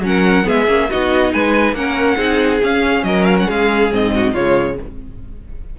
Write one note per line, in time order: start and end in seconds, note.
0.00 0.43 F#3
0.00 0.44 C#4
0.00 0.49 F#5
0.07 0.46 A#4
0.44 0.67 G#3
0.44 0.66 B3
0.44 0.89 G#4
0.44 0.90 E5
0.67 0.89 A#3
0.67 0.89 C#4
0.89 1.33 B3
0.89 1.76 D#4
0.89 1.32 F#4
0.89 1.33 D#5
1.32 1.72 G#3
1.32 1.76 B4
1.32 1.74 G#5
1.72 2.15 A#3
1.72 2.17 C#4
1.72 2.17 A#4
1.72 2.61 F#5
2.17 2.60 C4
2.17 2.60 D#4
2.17 3.03 G#4
2.63 3.03 C#4
2.63 3.91 C#4
2.63 3.04 F5
3.03 3.46 F#3
3.03 3.47 A#4
3.03 3.25 D#5
3.25 3.36 F5
3.39 3.50 F#5
3.47 3.92 G#3
3.47 4.12 G#4
3.47 3.93 F5
3.91 4.35 G#2
3.91 4.34 C4
3.91 4.34 D#5
4.15 4.33 F#4
4.33 4.78 C#3
4.33 4.79 G#3
4.33 4.76 F4
4.33 4.77 C#5